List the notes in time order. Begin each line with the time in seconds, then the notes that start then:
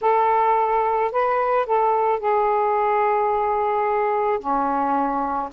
0.01 A4
1.11 B4
1.65 A4
2.19 G#4
4.39 C#4